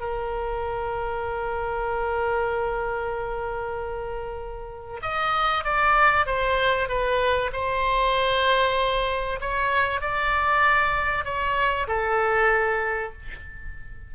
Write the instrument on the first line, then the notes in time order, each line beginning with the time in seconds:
oboe
0.00 A#4
5.01 D#5
5.64 D5
6.26 C5
6.88 B4
7.52 C5
9.40 C#5
10.01 D5
11.24 C#5
11.87 A4